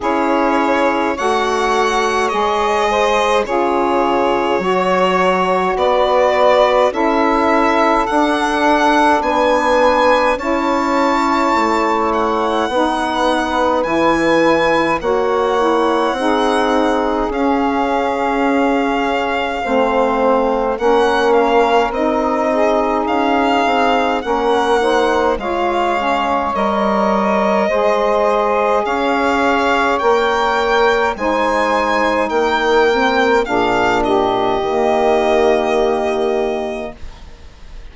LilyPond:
<<
  \new Staff \with { instrumentName = "violin" } { \time 4/4 \tempo 4 = 52 cis''4 fis''4 dis''4 cis''4~ | cis''4 d''4 e''4 fis''4 | gis''4 a''4. fis''4. | gis''4 fis''2 f''4~ |
f''2 fis''8 f''8 dis''4 | f''4 fis''4 f''4 dis''4~ | dis''4 f''4 g''4 gis''4 | g''4 f''8 dis''2~ dis''8 | }
  \new Staff \with { instrumentName = "saxophone" } { \time 4/4 gis'4 cis''4. c''8 gis'4 | cis''4 b'4 a'2 | b'4 cis''2 b'4~ | b'4 cis''4 gis'2~ |
gis'4 c''4 ais'4. gis'8~ | gis'4 ais'8 c''8 cis''2 | c''4 cis''2 c''4 | ais'4 gis'8 g'2~ g'8 | }
  \new Staff \with { instrumentName = "saxophone" } { \time 4/4 e'4 fis'4 gis'4 f'4 | fis'2 e'4 d'4~ | d'4 e'2 dis'4 | e'4 fis'8 e'8 dis'4 cis'4~ |
cis'4 c'4 cis'4 dis'4~ | dis'4 cis'8 dis'8 f'8 cis'8 ais'4 | gis'2 ais'4 dis'4~ | dis'8 c'8 d'4 ais2 | }
  \new Staff \with { instrumentName = "bassoon" } { \time 4/4 cis'4 a4 gis4 cis4 | fis4 b4 cis'4 d'4 | b4 cis'4 a4 b4 | e4 ais4 c'4 cis'4~ |
cis'4 a4 ais4 c'4 | cis'8 c'8 ais4 gis4 g4 | gis4 cis'4 ais4 gis4 | ais4 ais,4 dis2 | }
>>